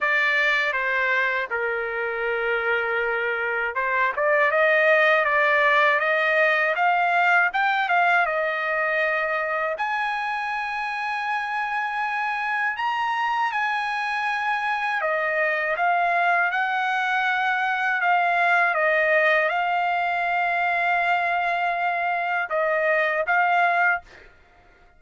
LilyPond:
\new Staff \with { instrumentName = "trumpet" } { \time 4/4 \tempo 4 = 80 d''4 c''4 ais'2~ | ais'4 c''8 d''8 dis''4 d''4 | dis''4 f''4 g''8 f''8 dis''4~ | dis''4 gis''2.~ |
gis''4 ais''4 gis''2 | dis''4 f''4 fis''2 | f''4 dis''4 f''2~ | f''2 dis''4 f''4 | }